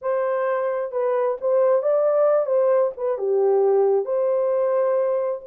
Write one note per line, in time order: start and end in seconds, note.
0.01 0.91 C5
0.91 1.37 B4
1.40 1.82 C5
1.82 2.45 D5
2.45 2.91 C5
2.96 3.18 B4
3.18 4.05 G4
4.05 5.41 C5